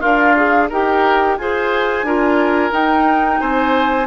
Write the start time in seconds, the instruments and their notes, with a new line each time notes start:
0.00 bassoon D4, oboe F4, clarinet A#4, flute F5
0.36 clarinet G#4
0.69 bassoon D#4, clarinet G4, oboe A#4, flute G5
1.37 bassoon F4, clarinet G#4, oboe C5, flute G#5
2.03 bassoon D4, clarinet F4, oboe A#4
2.71 clarinet D#4, bassoon D#4, flute G5
3.40 bassoon C4, oboe C5, flute G#5